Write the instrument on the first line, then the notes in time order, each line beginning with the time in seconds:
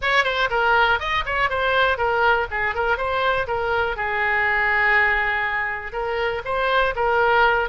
oboe
0.01 C#5
0.24 C5
0.50 A#4
0.99 D#5
1.25 C#5
1.49 C5
1.97 A#4
2.50 G#4
2.75 A#4
2.97 C5
3.47 A#4
3.96 G#4
5.92 A#4
6.44 C5
6.95 A#4